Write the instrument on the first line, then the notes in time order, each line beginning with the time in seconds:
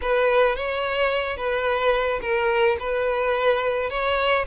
violin
0.02 B4
0.56 C#5
1.36 B4
2.21 A#4
2.79 B4
3.89 C#5